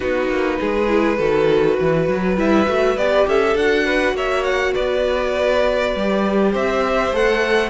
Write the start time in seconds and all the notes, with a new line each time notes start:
0.00 B3 D#4 F#4 B4
0.28 A#3
0.60 G#3 G#4
0.87 E4
1.18 D#3 F#4 A4
1.79 E3 B4
2.08 F#3
2.37 G3 E4 E5
2.67 A3 F#4
2.96 B3 G4 D5
3.27 C#4 A4 E5
3.55 D4 F#4 F#5
3.85 B4
4.13 A#3 C#5 E5
4.44 F#5
4.73 B3 B4 D5
5.95 G3 G4
6.51 C4 C5 E5
7.12 A3 A4 F#5